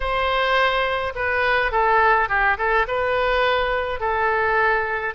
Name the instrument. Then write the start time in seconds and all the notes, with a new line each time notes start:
oboe
0.00 C5
1.15 B4
1.71 A4
2.28 G4
2.57 A4
2.87 B4
3.99 A4